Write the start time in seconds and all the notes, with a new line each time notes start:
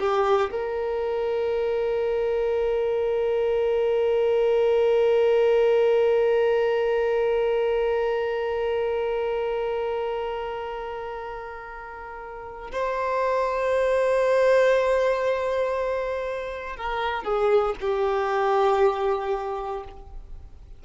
0.00 G4
0.52 A#4
12.72 C5
16.77 A#4
17.24 G#4
17.81 G4